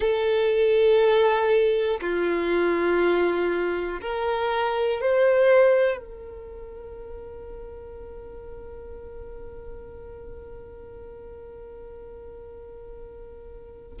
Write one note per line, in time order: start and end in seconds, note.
0.00 2.00 A4
2.00 4.00 F4
4.01 5.00 A#4
5.00 5.97 C5
5.97 13.97 A#4